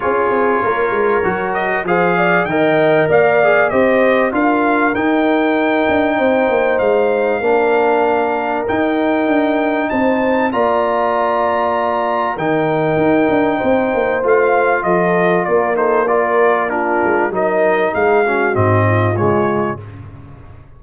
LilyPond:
<<
  \new Staff \with { instrumentName = "trumpet" } { \time 4/4 \tempo 4 = 97 cis''2~ cis''8 dis''8 f''4 | g''4 f''4 dis''4 f''4 | g''2. f''4~ | f''2 g''2 |
a''4 ais''2. | g''2. f''4 | dis''4 d''8 c''8 d''4 ais'4 | dis''4 f''4 dis''4 cis''4 | }
  \new Staff \with { instrumentName = "horn" } { \time 4/4 gis'4 ais'2 c''8 d''8 | dis''4 d''4 c''4 ais'4~ | ais'2 c''2 | ais'1 |
c''4 d''2. | ais'2 c''2 | a'4 ais'8 a'8 ais'4 f'4 | ais'4 gis'8 fis'4 f'4. | }
  \new Staff \with { instrumentName = "trombone" } { \time 4/4 f'2 fis'4 gis'4 | ais'4. gis'8 g'4 f'4 | dis'1 | d'2 dis'2~ |
dis'4 f'2. | dis'2. f'4~ | f'4. dis'8 f'4 d'4 | dis'4. cis'8 c'4 gis4 | }
  \new Staff \with { instrumentName = "tuba" } { \time 4/4 cis'8 c'8 ais8 gis8 fis4 f4 | dis4 ais4 c'4 d'4 | dis'4. d'8 c'8 ais8 gis4 | ais2 dis'4 d'4 |
c'4 ais2. | dis4 dis'8 d'8 c'8 ais8 a4 | f4 ais2~ ais8 gis8 | fis4 gis4 gis,4 cis4 | }
>>